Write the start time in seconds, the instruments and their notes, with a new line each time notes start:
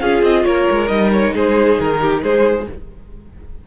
0.00 cello C#4, viola F4, violin G#4 F5
0.23 cello C4, violin D#5
0.45 cello A#3, violin A#4 C#5
0.71 cello G#3
0.88 cello G3, viola D#4, violin D#5
1.13 violin C#5
1.34 cello G#3, violin G#4 C5
1.80 cello D#3, violin A#4
2.01 violin G4
2.23 cello G#3, violin G#4 C5